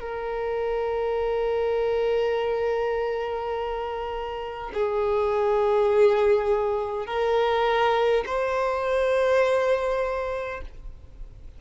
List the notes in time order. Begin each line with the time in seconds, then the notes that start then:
0.00 A#4
4.74 G#4
7.06 A#4
8.26 C5